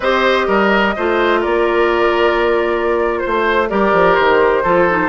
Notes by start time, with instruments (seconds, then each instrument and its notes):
0.00 bassoon C4, clarinet G4, oboe C5, flute D#5
0.47 bassoon G3, oboe A#4
0.96 bassoon A3, clarinet F4, oboe C5
1.40 bassoon A#3, oboe A#4, flute D5
3.18 flute C5, oboe C5
3.26 bassoon A3
3.69 bassoon G3, clarinet G4, oboe A#4, flute D5
3.92 bassoon F3
4.15 bassoon D#3, flute C5
4.63 bassoon F3, clarinet F4, oboe A4
4.89 clarinet D#4